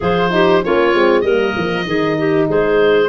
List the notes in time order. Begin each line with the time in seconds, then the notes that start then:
0.00 F3 F4 G#4 C5
0.30 D#4 G4
0.62 A#3 C#4 F4 C#5
0.93 G#3 C4
1.21 G3 A#4 D#5
1.27 A#3
1.56 F3
1.83 D#3 D#4 G#4
2.18 G4
2.48 G#3 G#4 C5